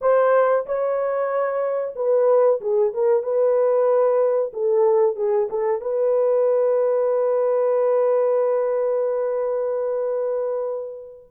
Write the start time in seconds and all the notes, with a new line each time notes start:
0.01 C5
0.65 C#5
1.95 B4
2.60 G#4
2.93 A#4
3.23 B4
4.53 A4
5.16 G#4
5.50 A4
5.81 B4